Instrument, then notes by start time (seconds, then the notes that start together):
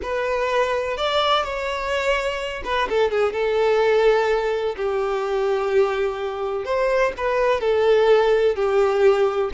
violin
0.02 B4
0.97 D5
1.44 C#5
2.64 B4
2.89 A4
3.10 G#4
3.32 A4
4.76 G4
6.65 C5
7.17 B4
7.60 A4
8.55 G4